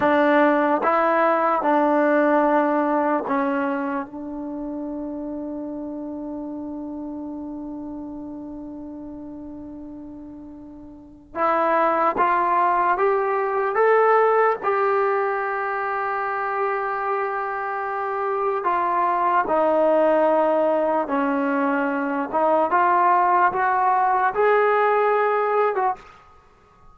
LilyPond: \new Staff \with { instrumentName = "trombone" } { \time 4/4 \tempo 4 = 74 d'4 e'4 d'2 | cis'4 d'2.~ | d'1~ | d'2 e'4 f'4 |
g'4 a'4 g'2~ | g'2. f'4 | dis'2 cis'4. dis'8 | f'4 fis'4 gis'4.~ gis'16 fis'16 | }